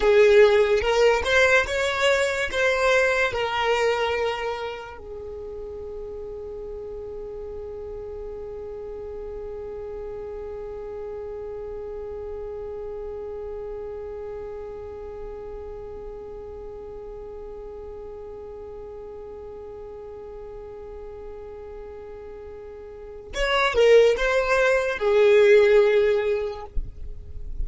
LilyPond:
\new Staff \with { instrumentName = "violin" } { \time 4/4 \tempo 4 = 72 gis'4 ais'8 c''8 cis''4 c''4 | ais'2 gis'2~ | gis'1~ | gis'1~ |
gis'1~ | gis'1~ | gis'1 | cis''8 ais'8 c''4 gis'2 | }